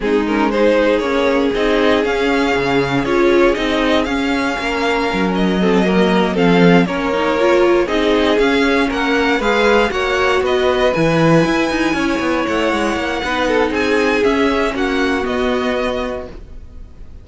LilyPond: <<
  \new Staff \with { instrumentName = "violin" } { \time 4/4 \tempo 4 = 118 gis'8 ais'8 c''4 cis''4 dis''4 | f''2 cis''4 dis''4 | f''2~ f''8 dis''4.~ | dis''8 f''4 cis''2 dis''8~ |
dis''8 f''4 fis''4 f''4 fis''8~ | fis''8 dis''4 gis''2~ gis''8~ | gis''8 fis''2~ fis''8 gis''4 | e''4 fis''4 dis''2 | }
  \new Staff \with { instrumentName = "violin" } { \time 4/4 dis'4 gis'2.~ | gis'1~ | gis'4 ais'2 a'8 ais'8~ | ais'8 a'4 ais'2 gis'8~ |
gis'4. ais'4 b'4 cis''8~ | cis''8 b'2. cis''8~ | cis''2 b'8 a'8 gis'4~ | gis'4 fis'2. | }
  \new Staff \with { instrumentName = "viola" } { \time 4/4 c'8 cis'8 dis'4 cis'4 dis'4 | cis'2 f'4 dis'4 | cis'2. c'8 ais8~ | ais8 c'4 cis'8 dis'8 f'4 dis'8~ |
dis'8 cis'2 gis'4 fis'8~ | fis'4. e'2~ e'8~ | e'2 dis'2 | cis'2 b2 | }
  \new Staff \with { instrumentName = "cello" } { \time 4/4 gis2 ais4 c'4 | cis'4 cis4 cis'4 c'4 | cis'4 ais4 fis2~ | fis8 f4 ais2 c'8~ |
c'8 cis'4 ais4 gis4 ais8~ | ais8 b4 e4 e'8 dis'8 cis'8 | b8 a8 gis8 ais8 b4 c'4 | cis'4 ais4 b2 | }
>>